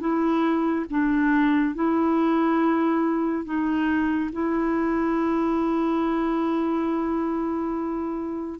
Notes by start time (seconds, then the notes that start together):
0.00 E4
0.90 D4
1.75 E4
3.45 D#4
4.32 E4